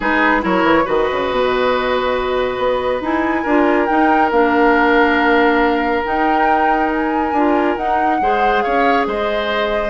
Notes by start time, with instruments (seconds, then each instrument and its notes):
0.00 bassoon G#3, clarinet D#4, oboe G#4, flute B4
0.41 bassoon F#3, clarinet E4, oboe A#4, flute C#5
0.63 bassoon E3
0.84 bassoon D#3, clarinet F#4, oboe B4, flute D#5
1.11 bassoon C#3
1.30 bassoon B2
2.57 bassoon B3
3.00 bassoon D#4, clarinet E4, flute G#5
3.42 bassoon D4, clarinet F4, oboe A#4
3.86 clarinet D#4, bassoon D#4, flute G5
4.31 bassoon A#3, clarinet D4, flute F5
6.04 clarinet D#4, bassoon D#4, flute G5
6.91 flute G#5
7.32 bassoon D4, clarinet F4
7.76 bassoon D#4, clarinet D#4, flute F#5
8.20 bassoon G#3, clarinet G#4, oboe C5
8.61 bassoon C#4, oboe C#5, flute F5
9.06 bassoon G#3, oboe C5, flute D#5